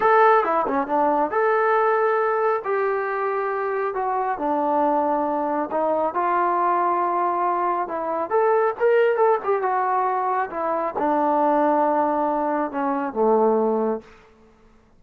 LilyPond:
\new Staff \with { instrumentName = "trombone" } { \time 4/4 \tempo 4 = 137 a'4 e'8 cis'8 d'4 a'4~ | a'2 g'2~ | g'4 fis'4 d'2~ | d'4 dis'4 f'2~ |
f'2 e'4 a'4 | ais'4 a'8 g'8 fis'2 | e'4 d'2.~ | d'4 cis'4 a2 | }